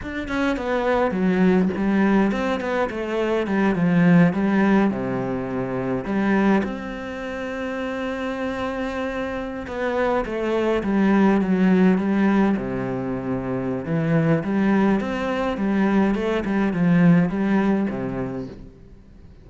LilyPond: \new Staff \with { instrumentName = "cello" } { \time 4/4 \tempo 4 = 104 d'8 cis'8 b4 fis4 g4 | c'8 b8 a4 g8 f4 g8~ | g8 c2 g4 c'8~ | c'1~ |
c'8. b4 a4 g4 fis16~ | fis8. g4 c2~ c16 | e4 g4 c'4 g4 | a8 g8 f4 g4 c4 | }